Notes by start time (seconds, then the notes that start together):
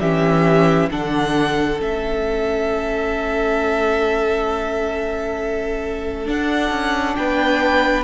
0.00 E3 C#4 G4 E5
0.90 D3 D4 A4 F#5
1.78 A3 C#4 E5
6.26 D4 F#5
6.70 C#4
7.16 B3 B4 G5